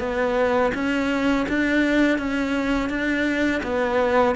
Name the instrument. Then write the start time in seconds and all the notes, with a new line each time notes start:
cello
0.00 B3
0.75 C#4
1.49 D4
2.19 C#4
2.90 D4
3.63 B3